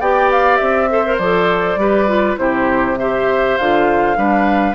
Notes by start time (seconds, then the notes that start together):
0.00 B3 G4 D5 G5
0.32 F5
0.56 C4 E5
0.90 A4 C5
1.06 A#4
1.18 F3 A4 D5
1.76 G3 G4 B4
2.07 F4
2.37 C3 E4 G4 C5
2.98 G4 C5 E5
3.58 D3 F4 F5
4.16 G3 D4 B4